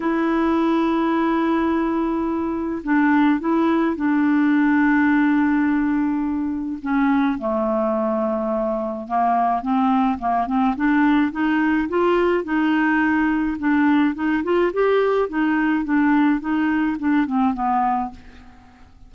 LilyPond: \new Staff \with { instrumentName = "clarinet" } { \time 4/4 \tempo 4 = 106 e'1~ | e'4 d'4 e'4 d'4~ | d'1 | cis'4 a2. |
ais4 c'4 ais8 c'8 d'4 | dis'4 f'4 dis'2 | d'4 dis'8 f'8 g'4 dis'4 | d'4 dis'4 d'8 c'8 b4 | }